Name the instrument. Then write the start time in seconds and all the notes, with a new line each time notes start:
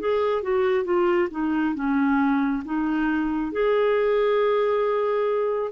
clarinet
0.00 G#4
0.43 F#4
0.85 F4
1.31 D#4
1.75 C#4
2.65 D#4
3.52 G#4